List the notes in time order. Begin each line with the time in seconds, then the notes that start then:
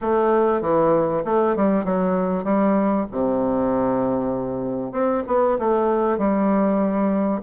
0.01 A3
0.61 E3
1.25 A3
1.55 G3
1.84 F#3
2.44 G3
3.11 C3
4.91 C4
5.27 B3
5.58 A3
6.18 G3